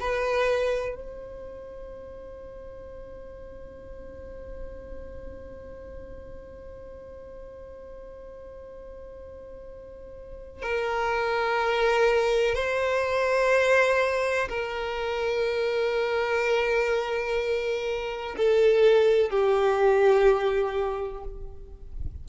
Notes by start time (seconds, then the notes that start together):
0.00 B4
0.95 C5
10.62 A#4
12.55 C5
14.49 A#4
18.37 A4
19.30 G4